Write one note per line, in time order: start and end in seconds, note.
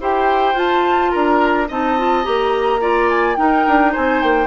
0.00 0.54 E4
0.00 0.54 G4
0.00 1.11 C5
0.00 0.58 G5
0.54 1.10 F4
0.54 1.66 F4
0.54 1.11 A5
1.11 1.70 D4
1.11 1.67 A#4
1.11 1.67 A#5
1.68 2.26 C4
1.68 1.97 D#4
1.68 2.80 D#5
1.68 2.24 A5
1.97 2.23 F4
2.23 3.37 A#3
2.23 2.79 G4
2.23 3.08 A#5
2.80 3.36 F4
2.80 3.36 D5
3.09 3.36 G#5
3.36 4.46 D#4
3.36 3.65 D#4
3.36 3.91 A#4
3.36 3.92 G5
3.67 3.95 D4
3.91 4.23 C4
3.91 4.46 C5
3.91 4.22 G#5
4.22 4.46 A#3
4.22 4.46 G5